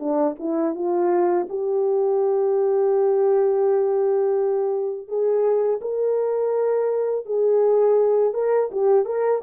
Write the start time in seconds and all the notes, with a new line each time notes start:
0.00 D4
0.39 E4
0.75 F4
1.50 G4
5.08 G#4
5.82 A#4
7.26 G#4
8.34 A#4
8.72 G4
9.06 A#4